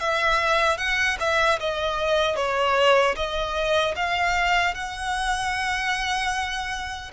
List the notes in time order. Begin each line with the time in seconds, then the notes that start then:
0.00 E5
0.78 F#5
1.20 E5
1.60 D#5
2.36 C#5
3.16 D#5
3.96 F5
4.75 F#5